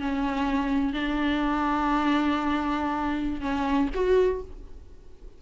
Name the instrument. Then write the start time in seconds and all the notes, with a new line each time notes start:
viola
0.00 C#4
0.93 D4
3.41 C#4
3.94 F#4